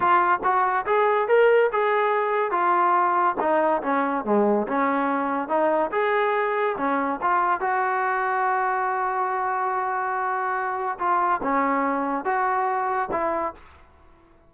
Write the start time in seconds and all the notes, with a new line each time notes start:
0.00 F4
0.43 F#4
0.86 G#4
1.28 A#4
1.72 G#4
2.51 F4
3.39 D#4
3.82 C#4
4.24 G#3
4.67 C#4
5.48 D#4
5.91 G#4
6.77 C#4
7.21 F4
7.60 F#4
10.98 F4
11.42 C#4
12.24 F#4
13.11 E4